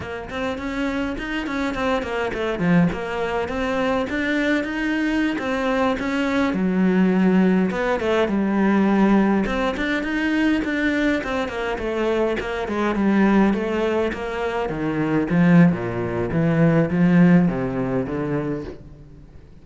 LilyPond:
\new Staff \with { instrumentName = "cello" } { \time 4/4 \tempo 4 = 103 ais8 c'8 cis'4 dis'8 cis'8 c'8 ais8 | a8 f8 ais4 c'4 d'4 | dis'4~ dis'16 c'4 cis'4 fis8.~ | fis4~ fis16 b8 a8 g4.~ g16~ |
g16 c'8 d'8 dis'4 d'4 c'8 ais16~ | ais16 a4 ais8 gis8 g4 a8.~ | a16 ais4 dis4 f8. ais,4 | e4 f4 c4 d4 | }